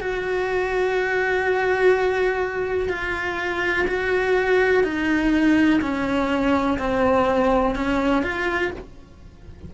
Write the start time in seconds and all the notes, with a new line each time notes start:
0.00 F#4
2.89 F4
3.87 F#4
4.83 D#4
5.81 C#4
6.78 C4
7.75 C#4
8.23 F4